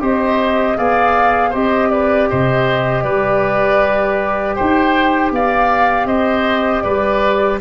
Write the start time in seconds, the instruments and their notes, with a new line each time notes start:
0.00 tuba C4, trombone G4, oboe C5, flute D#5
0.76 tuba B3, trombone G#4, oboe D5, flute F5
1.50 tuba C4, trombone G4, oboe C5, flute D#5
1.91 oboe B4, flute D5
2.29 tuba C3, oboe C5, flute D#5
3.03 tuba G3, oboe B4, flute D5
4.54 oboe C5, flute G5
4.60 tuba D#4
5.31 tuba B3, oboe D5, flute F5
6.06 tuba C4, oboe C5, flute D#5
6.82 tuba G3, oboe B4, flute D5